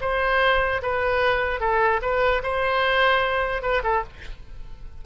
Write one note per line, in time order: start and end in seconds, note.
0.00 0.81 C5
0.81 1.60 B4
1.60 2.00 A4
2.01 2.42 B4
2.43 3.62 C5
3.62 3.82 B4
3.83 4.03 A4